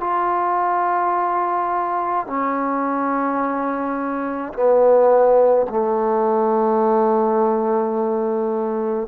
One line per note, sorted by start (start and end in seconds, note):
0.00 2.26 F4
2.26 4.53 C#4
4.53 5.66 B3
5.69 9.07 A3